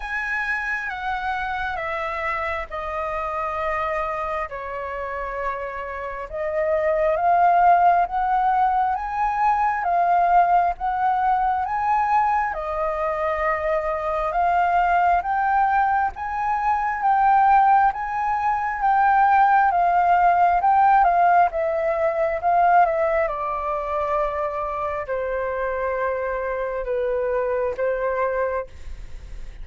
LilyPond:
\new Staff \with { instrumentName = "flute" } { \time 4/4 \tempo 4 = 67 gis''4 fis''4 e''4 dis''4~ | dis''4 cis''2 dis''4 | f''4 fis''4 gis''4 f''4 | fis''4 gis''4 dis''2 |
f''4 g''4 gis''4 g''4 | gis''4 g''4 f''4 g''8 f''8 | e''4 f''8 e''8 d''2 | c''2 b'4 c''4 | }